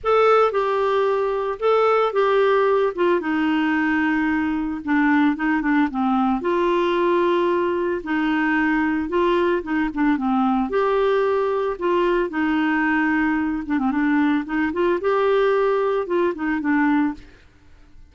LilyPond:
\new Staff \with { instrumentName = "clarinet" } { \time 4/4 \tempo 4 = 112 a'4 g'2 a'4 | g'4. f'8 dis'2~ | dis'4 d'4 dis'8 d'8 c'4 | f'2. dis'4~ |
dis'4 f'4 dis'8 d'8 c'4 | g'2 f'4 dis'4~ | dis'4. d'16 c'16 d'4 dis'8 f'8 | g'2 f'8 dis'8 d'4 | }